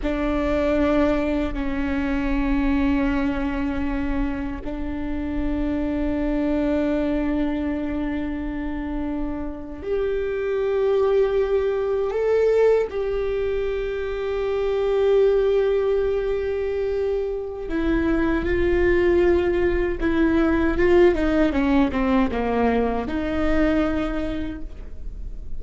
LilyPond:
\new Staff \with { instrumentName = "viola" } { \time 4/4 \tempo 4 = 78 d'2 cis'2~ | cis'2 d'2~ | d'1~ | d'8. g'2. a'16~ |
a'8. g'2.~ g'16~ | g'2. e'4 | f'2 e'4 f'8 dis'8 | cis'8 c'8 ais4 dis'2 | }